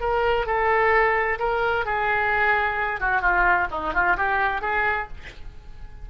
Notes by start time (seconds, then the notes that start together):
0.00 A#4
0.46 A4
1.39 A#4
1.85 G#4
3.00 F#4
3.21 F4
3.71 D#4
3.94 F4
4.17 G4
4.61 G#4